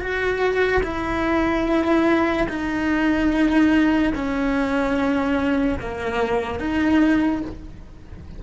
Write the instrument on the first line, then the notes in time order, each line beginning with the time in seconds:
cello
0.00 F#4
0.84 E4
2.49 D#4
4.15 C#4
5.80 A#3
6.60 D#4